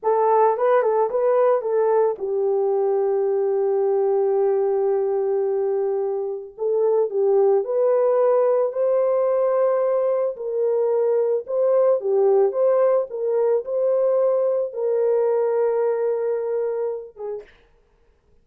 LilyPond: \new Staff \with { instrumentName = "horn" } { \time 4/4 \tempo 4 = 110 a'4 b'8 a'8 b'4 a'4 | g'1~ | g'1 | a'4 g'4 b'2 |
c''2. ais'4~ | ais'4 c''4 g'4 c''4 | ais'4 c''2 ais'4~ | ais'2.~ ais'8 gis'8 | }